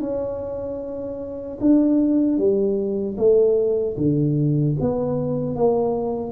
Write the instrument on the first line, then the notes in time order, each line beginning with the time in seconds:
tuba
0.00 C#4
1.60 D4
2.38 G3
3.17 A3
3.97 D3
4.80 B3
5.56 A#3